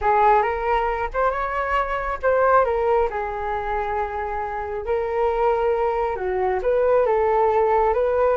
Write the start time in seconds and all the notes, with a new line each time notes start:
0.01 G#4
0.42 A#4
1.13 C5
1.30 C#5
2.22 C5
2.64 A#4
3.10 G#4
4.85 A#4
6.15 F#4
6.62 B4
7.06 A4
7.93 B4